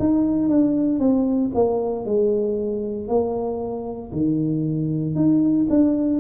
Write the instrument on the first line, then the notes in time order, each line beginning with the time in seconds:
tuba
0.00 D#4
0.49 D4
0.99 C4
1.54 A#3
2.05 G#3
3.08 A#3
4.12 D#3
5.15 D#4
5.69 D4